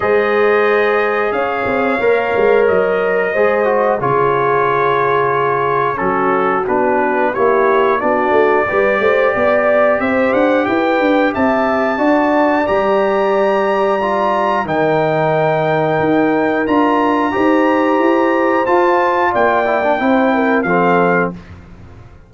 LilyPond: <<
  \new Staff \with { instrumentName = "trumpet" } { \time 4/4 \tempo 4 = 90 dis''2 f''2 | dis''2 cis''2~ | cis''4 a'4 b'4 cis''4 | d''2. e''8 fis''8 |
g''4 a''2 ais''4~ | ais''2 g''2~ | g''4 ais''2. | a''4 g''2 f''4 | }
  \new Staff \with { instrumentName = "horn" } { \time 4/4 c''2 cis''2~ | cis''4 c''4 gis'2~ | gis'4 fis'2 g'4 | fis'4 b'8 c''8 d''4 c''4 |
b'4 e''4 d''2~ | d''2 ais'2~ | ais'2 c''2~ | c''4 d''4 c''8 ais'8 a'4 | }
  \new Staff \with { instrumentName = "trombone" } { \time 4/4 gis'2. ais'4~ | ais'4 gis'8 fis'8 f'2~ | f'4 cis'4 d'4 e'4 | d'4 g'2.~ |
g'2 fis'4 g'4~ | g'4 f'4 dis'2~ | dis'4 f'4 g'2 | f'4. e'16 d'16 e'4 c'4 | }
  \new Staff \with { instrumentName = "tuba" } { \time 4/4 gis2 cis'8 c'8 ais8 gis8 | fis4 gis4 cis2~ | cis4 fis4 b4 ais4 | b8 a8 g8 a8 b4 c'8 d'8 |
e'8 d'8 c'4 d'4 g4~ | g2 dis2 | dis'4 d'4 dis'4 e'4 | f'4 ais4 c'4 f4 | }
>>